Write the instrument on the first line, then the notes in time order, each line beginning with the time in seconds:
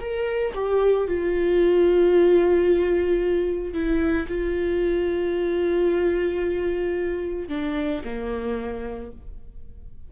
viola
0.00 A#4
0.54 G4
1.07 F4
3.73 E4
4.28 F4
7.49 D4
8.04 A#3